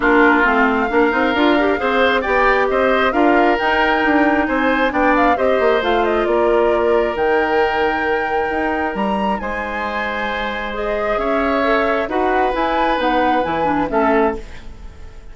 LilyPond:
<<
  \new Staff \with { instrumentName = "flute" } { \time 4/4 \tempo 4 = 134 ais'4 f''2.~ | f''4 g''4 dis''4 f''4 | g''2 gis''4 g''8 f''8 | dis''4 f''8 dis''8 d''2 |
g''1 | ais''4 gis''2. | dis''4 e''2 fis''4 | gis''4 fis''4 gis''4 e''4 | }
  \new Staff \with { instrumentName = "oboe" } { \time 4/4 f'2 ais'2 | c''4 d''4 c''4 ais'4~ | ais'2 c''4 d''4 | c''2 ais'2~ |
ais'1~ | ais'4 c''2.~ | c''4 cis''2 b'4~ | b'2. a'4 | }
  \new Staff \with { instrumentName = "clarinet" } { \time 4/4 d'4 c'4 d'8 dis'8 f'8 g'8 | gis'4 g'2 f'4 | dis'2. d'4 | g'4 f'2. |
dis'1~ | dis'1 | gis'2 a'4 fis'4 | e'4 dis'4 e'8 d'8 cis'4 | }
  \new Staff \with { instrumentName = "bassoon" } { \time 4/4 ais4 a4 ais8 c'8 d'4 | c'4 b4 c'4 d'4 | dis'4 d'4 c'4 b4 | c'8 ais8 a4 ais2 |
dis2. dis'4 | g4 gis2.~ | gis4 cis'2 dis'4 | e'4 b4 e4 a4 | }
>>